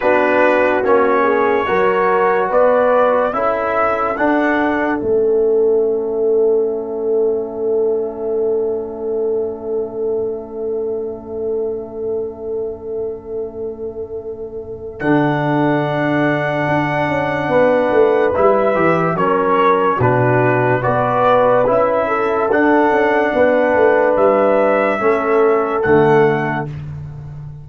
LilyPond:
<<
  \new Staff \with { instrumentName = "trumpet" } { \time 4/4 \tempo 4 = 72 b'4 cis''2 d''4 | e''4 fis''4 e''2~ | e''1~ | e''1~ |
e''2 fis''2~ | fis''2 e''4 cis''4 | b'4 d''4 e''4 fis''4~ | fis''4 e''2 fis''4 | }
  \new Staff \with { instrumentName = "horn" } { \time 4/4 fis'4. gis'8 ais'4 b'4 | a'1~ | a'1~ | a'1~ |
a'1~ | a'4 b'2 ais'4 | fis'4 b'4. a'4. | b'2 a'2 | }
  \new Staff \with { instrumentName = "trombone" } { \time 4/4 d'4 cis'4 fis'2 | e'4 d'4 cis'2~ | cis'1~ | cis'1~ |
cis'2 d'2~ | d'2 e'8 g'8 cis'4 | d'4 fis'4 e'4 d'4~ | d'2 cis'4 a4 | }
  \new Staff \with { instrumentName = "tuba" } { \time 4/4 b4 ais4 fis4 b4 | cis'4 d'4 a2~ | a1~ | a1~ |
a2 d2 | d'8 cis'8 b8 a8 g8 e8 fis4 | b,4 b4 cis'4 d'8 cis'8 | b8 a8 g4 a4 d4 | }
>>